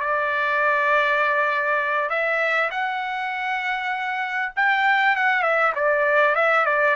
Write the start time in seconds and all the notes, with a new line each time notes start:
0.00 D5
2.09 E5
2.70 F#5
4.56 G5
5.16 F#5
5.42 E5
5.75 D5
6.35 E5
6.66 D5